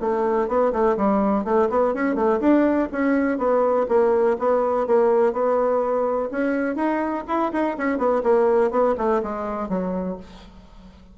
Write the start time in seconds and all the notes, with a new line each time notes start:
0.00 A3
0.48 B3
0.72 A3
0.96 G3
1.44 A3
1.69 B3
1.94 C#4
2.15 A3
2.40 D4
2.91 C#4
3.38 B3
3.88 A#3
4.38 B3
4.87 A#3
5.32 B3
6.31 C#4
6.75 D#4
7.27 E4
7.52 D#4
7.77 C#4
7.98 B3
8.23 A#3
8.70 B3
8.97 A3
9.22 G#3
9.68 F#3